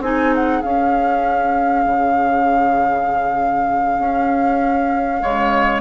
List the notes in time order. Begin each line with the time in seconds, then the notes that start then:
0.00 C4 D#4 G#4 G#5
0.34 F#5
0.62 C#4 F5
1.85 C#3
3.98 C#4
5.20 C#3 G#3 C#5